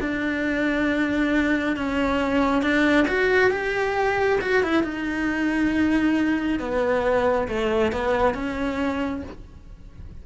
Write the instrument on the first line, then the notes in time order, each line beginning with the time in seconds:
cello
0.00 D4
1.76 C#4
2.62 D4
3.08 F#4
3.51 G4
4.41 F#4
4.63 E4
4.84 D#4
6.59 B3
7.48 A3
7.92 B3
8.34 C#4